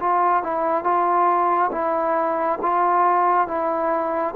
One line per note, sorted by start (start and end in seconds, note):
0.00 0.43 F4
0.43 0.84 E4
0.84 1.71 F4
1.72 2.59 E4
2.62 3.47 F4
3.47 4.34 E4